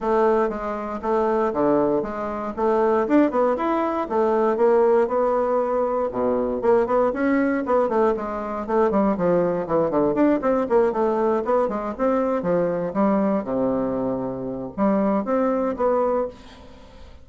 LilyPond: \new Staff \with { instrumentName = "bassoon" } { \time 4/4 \tempo 4 = 118 a4 gis4 a4 d4 | gis4 a4 d'8 b8 e'4 | a4 ais4 b2 | b,4 ais8 b8 cis'4 b8 a8 |
gis4 a8 g8 f4 e8 d8 | d'8 c'8 ais8 a4 b8 gis8 c'8~ | c'8 f4 g4 c4.~ | c4 g4 c'4 b4 | }